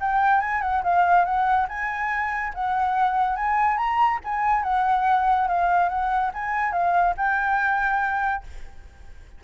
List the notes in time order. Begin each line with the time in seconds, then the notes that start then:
0.00 G5
0.40 G#5
0.61 F#5
0.83 F5
1.25 F#5
1.68 G#5
2.54 F#5
3.36 G#5
3.77 A#5
4.24 G#5
4.63 F#5
5.47 F5
5.89 F#5
6.34 G#5
6.72 F5
7.17 G5